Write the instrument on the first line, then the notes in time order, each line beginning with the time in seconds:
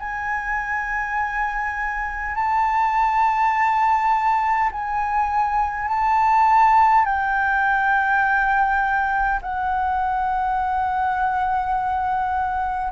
flute
0.00 G#5
2.35 A5
4.72 G#5
5.88 A5
7.05 G5
9.42 F#5